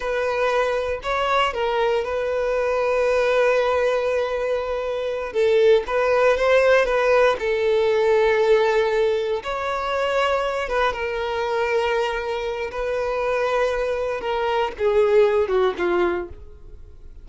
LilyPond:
\new Staff \with { instrumentName = "violin" } { \time 4/4 \tempo 4 = 118 b'2 cis''4 ais'4 | b'1~ | b'2~ b'8 a'4 b'8~ | b'8 c''4 b'4 a'4.~ |
a'2~ a'8 cis''4.~ | cis''4 b'8 ais'2~ ais'8~ | ais'4 b'2. | ais'4 gis'4. fis'8 f'4 | }